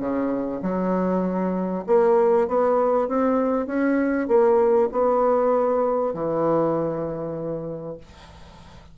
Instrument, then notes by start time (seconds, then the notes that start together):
bassoon
0.00 C#3
0.62 F#3
1.87 A#3
2.48 B3
3.08 C4
3.67 C#4
4.28 A#3
4.92 B3
6.14 E3